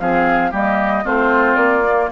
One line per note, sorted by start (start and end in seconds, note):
0.00 0.52 F3
0.00 0.52 C4
0.00 0.51 G#4
0.00 0.53 F5
0.51 1.06 G3
0.51 1.04 A#3
0.51 1.04 G4
0.51 1.07 D#5
1.04 1.56 A3
1.04 1.84 C4
1.04 2.11 F4
1.04 1.56 C5
1.56 2.09 A#3
1.56 2.09 D5
1.87 2.12 A#3